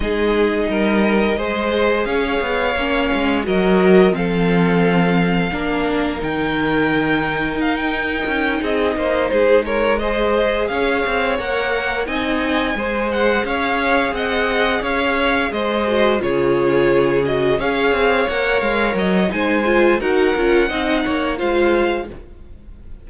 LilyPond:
<<
  \new Staff \with { instrumentName = "violin" } { \time 4/4 \tempo 4 = 87 dis''2. f''4~ | f''4 dis''4 f''2~ | f''4 g''2 f''16 g''8.~ | g''8 dis''4 c''8 cis''8 dis''4 f''8~ |
f''8 fis''4 gis''4. fis''8 f''8~ | f''8 fis''4 f''4 dis''4 cis''8~ | cis''4 dis''8 f''4 fis''8 f''8 dis''8 | gis''4 fis''2 f''4 | }
  \new Staff \with { instrumentName = "violin" } { \time 4/4 gis'4 ais'4 c''4 cis''4~ | cis''4 ais'4 a'2 | ais'1~ | ais'8 gis'8 c''8 gis'8 ais'8 c''4 cis''8~ |
cis''4. dis''4 c''4 cis''8~ | cis''8 dis''4 cis''4 c''4 gis'8~ | gis'4. cis''2~ cis''8 | c''4 ais'4 dis''8 cis''8 c''4 | }
  \new Staff \with { instrumentName = "viola" } { \time 4/4 dis'2 gis'2 | cis'4 fis'4 c'2 | d'4 dis'2.~ | dis'2~ dis'8 gis'4.~ |
gis'8 ais'4 dis'4 gis'4.~ | gis'2. fis'8 f'8~ | f'4 fis'8 gis'4 ais'4. | dis'8 f'8 fis'8 f'8 dis'4 f'4 | }
  \new Staff \with { instrumentName = "cello" } { \time 4/4 gis4 g4 gis4 cis'8 b8 | ais8 gis8 fis4 f2 | ais4 dis2 dis'4 | cis'8 c'8 ais8 gis2 cis'8 |
c'8 ais4 c'4 gis4 cis'8~ | cis'8 c'4 cis'4 gis4 cis8~ | cis4. cis'8 c'8 ais8 gis8 fis8 | gis4 dis'8 cis'8 c'8 ais8 gis4 | }
>>